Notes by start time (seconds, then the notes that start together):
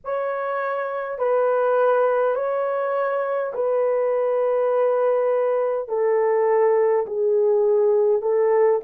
0.04 C#5
1.18 B4
2.35 C#5
3.53 B4
5.88 A4
7.06 G#4
8.21 A4